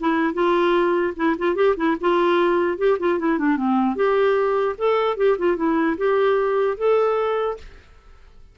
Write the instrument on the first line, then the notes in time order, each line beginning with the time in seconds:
clarinet
0.00 E4
0.34 F4
1.16 E4
1.38 F4
1.55 G4
1.76 E4
2.01 F4
2.77 G4
2.99 F4
3.19 E4
3.38 D4
3.57 C4
3.96 G4
4.78 A4
5.17 G4
5.38 F4
5.57 E4
5.97 G4
6.77 A4